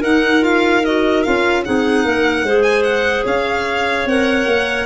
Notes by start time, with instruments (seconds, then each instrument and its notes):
0.00 tuba D#4, clarinet D#4 A#4, violin F#5
0.40 clarinet F4, violin F5
0.85 clarinet F#4, violin D#5
1.23 tuba C#4, clarinet F4, violin F5
1.65 tuba C4, clarinet D#4 G#4, violin F#5
2.05 tuba A#3, clarinet A#4
2.42 tuba G#3, clarinet G#4 C5
2.62 violin G#5
2.83 violin F#5
3.24 tuba C#4, clarinet C#5, violin F5
4.05 tuba C4, clarinet A#4, violin F#5
4.46 tuba A#3